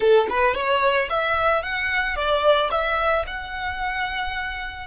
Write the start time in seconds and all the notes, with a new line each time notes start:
0.00 A4
0.29 B4
0.55 C#5
1.09 E5
1.62 F#5
2.15 D5
2.71 E5
3.27 F#5